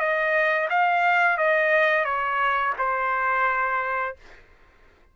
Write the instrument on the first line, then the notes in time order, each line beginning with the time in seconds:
trumpet
0.00 D#5
0.70 F5
1.38 D#5
2.05 C#5
2.79 C5